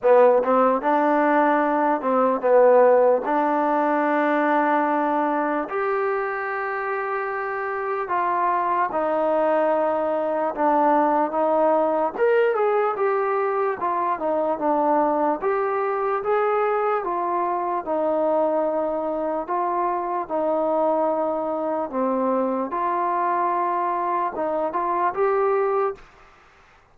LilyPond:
\new Staff \with { instrumentName = "trombone" } { \time 4/4 \tempo 4 = 74 b8 c'8 d'4. c'8 b4 | d'2. g'4~ | g'2 f'4 dis'4~ | dis'4 d'4 dis'4 ais'8 gis'8 |
g'4 f'8 dis'8 d'4 g'4 | gis'4 f'4 dis'2 | f'4 dis'2 c'4 | f'2 dis'8 f'8 g'4 | }